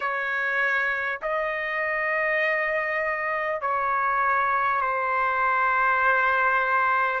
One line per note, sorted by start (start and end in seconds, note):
0.00 1.19 C#5
1.22 3.61 D#5
3.61 4.81 C#5
4.81 7.20 C5